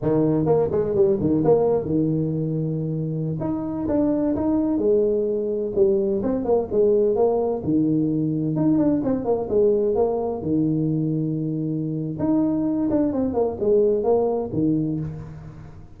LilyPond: \new Staff \with { instrumentName = "tuba" } { \time 4/4 \tempo 4 = 128 dis4 ais8 gis8 g8 dis8 ais4 | dis2.~ dis16 dis'8.~ | dis'16 d'4 dis'4 gis4.~ gis16~ | gis16 g4 c'8 ais8 gis4 ais8.~ |
ais16 dis2 dis'8 d'8 c'8 ais16~ | ais16 gis4 ais4 dis4.~ dis16~ | dis2 dis'4. d'8 | c'8 ais8 gis4 ais4 dis4 | }